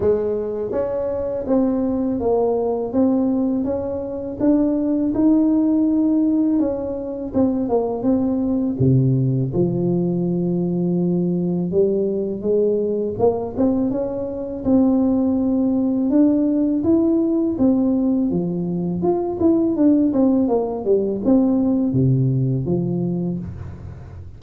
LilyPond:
\new Staff \with { instrumentName = "tuba" } { \time 4/4 \tempo 4 = 82 gis4 cis'4 c'4 ais4 | c'4 cis'4 d'4 dis'4~ | dis'4 cis'4 c'8 ais8 c'4 | c4 f2. |
g4 gis4 ais8 c'8 cis'4 | c'2 d'4 e'4 | c'4 f4 f'8 e'8 d'8 c'8 | ais8 g8 c'4 c4 f4 | }